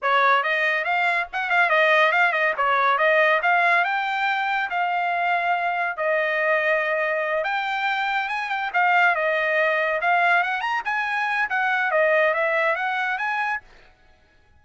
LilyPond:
\new Staff \with { instrumentName = "trumpet" } { \time 4/4 \tempo 4 = 141 cis''4 dis''4 f''4 fis''8 f''8 | dis''4 f''8 dis''8 cis''4 dis''4 | f''4 g''2 f''4~ | f''2 dis''2~ |
dis''4. g''2 gis''8 | g''8 f''4 dis''2 f''8~ | f''8 fis''8 ais''8 gis''4. fis''4 | dis''4 e''4 fis''4 gis''4 | }